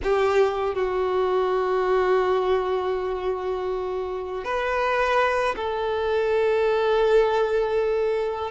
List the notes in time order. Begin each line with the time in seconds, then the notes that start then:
0.03 G4
0.74 F#4
4.44 B4
5.56 A4